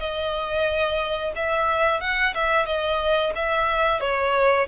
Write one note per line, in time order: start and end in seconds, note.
0.00 1.33 D#5
1.36 2.01 E5
2.01 2.35 F#5
2.35 2.67 E5
2.67 3.33 D#5
3.36 4.01 E5
4.01 4.68 C#5